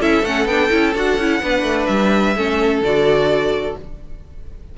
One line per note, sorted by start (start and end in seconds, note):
0.00 0.23 C#4
0.00 0.24 E4
0.00 1.41 A4
0.00 0.25 E5
0.23 0.46 A3
0.23 0.49 C#4
0.23 0.47 F#5
0.46 0.69 B3
0.46 0.70 D4
0.46 0.94 G5
0.70 0.95 C#4
0.70 0.94 E4
0.95 1.17 D4
0.95 1.19 F#4
0.95 1.86 F#5
1.17 1.41 C#4
1.17 1.42 E4
1.42 1.62 B3
1.42 2.36 D4
1.42 2.37 B4
1.62 1.86 A3
1.86 2.36 G3
1.86 2.80 E5
2.36 2.81 A3
2.36 2.83 C#4
2.36 3.78 A4
2.81 3.75 D3
2.81 3.78 F#4
2.81 3.77 D5